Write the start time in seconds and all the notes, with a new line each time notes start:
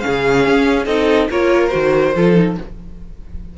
0.00 C#4 G#4 F5
0.06 C#3
0.46 C#4
0.86 C4 D#4 A4 D#5
1.30 A#3 F4 A#4 C#5
1.68 F#4 C5
1.74 D#3
2.15 F3 F4 A4
2.35 D#4